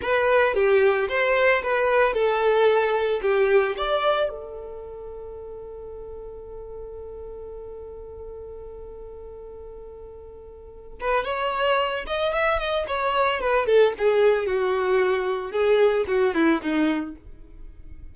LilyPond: \new Staff \with { instrumentName = "violin" } { \time 4/4 \tempo 4 = 112 b'4 g'4 c''4 b'4 | a'2 g'4 d''4 | a'1~ | a'1~ |
a'1~ | a'8 b'8 cis''4. dis''8 e''8 dis''8 | cis''4 b'8 a'8 gis'4 fis'4~ | fis'4 gis'4 fis'8 e'8 dis'4 | }